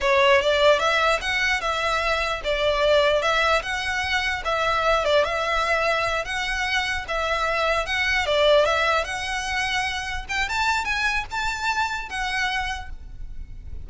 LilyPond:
\new Staff \with { instrumentName = "violin" } { \time 4/4 \tempo 4 = 149 cis''4 d''4 e''4 fis''4 | e''2 d''2 | e''4 fis''2 e''4~ | e''8 d''8 e''2~ e''8 fis''8~ |
fis''4. e''2 fis''8~ | fis''8 d''4 e''4 fis''4.~ | fis''4. g''8 a''4 gis''4 | a''2 fis''2 | }